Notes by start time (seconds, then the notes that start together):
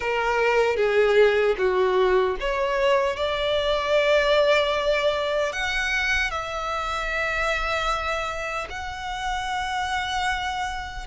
0.00 A#4
0.76 G#4
1.58 F#4
2.40 C#5
3.16 D5
5.52 F#5
6.31 E5
8.69 F#5